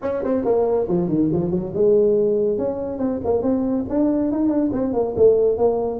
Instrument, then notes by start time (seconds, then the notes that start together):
tuba
0.02 C#4
0.24 C4
0.44 A#3
0.88 F3
1.08 D#3
1.32 F3
1.50 F#3
1.74 G#3
2.57 C#4
2.98 C4
3.24 A#3
3.42 C4
3.89 D4
4.31 D#4
4.48 D4
4.72 C4
4.93 A#3
5.16 A3
5.57 A#3